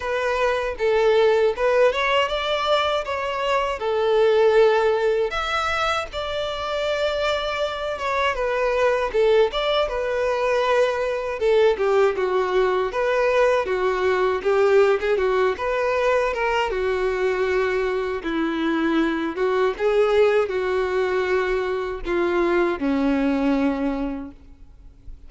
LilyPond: \new Staff \with { instrumentName = "violin" } { \time 4/4 \tempo 4 = 79 b'4 a'4 b'8 cis''8 d''4 | cis''4 a'2 e''4 | d''2~ d''8 cis''8 b'4 | a'8 d''8 b'2 a'8 g'8 |
fis'4 b'4 fis'4 g'8. gis'16 | fis'8 b'4 ais'8 fis'2 | e'4. fis'8 gis'4 fis'4~ | fis'4 f'4 cis'2 | }